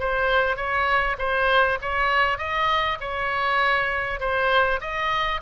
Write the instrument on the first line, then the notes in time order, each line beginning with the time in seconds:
oboe
0.00 C5
0.57 C#5
1.19 C5
1.82 C#5
2.38 D#5
3.01 C#5
4.21 C5
4.81 D#5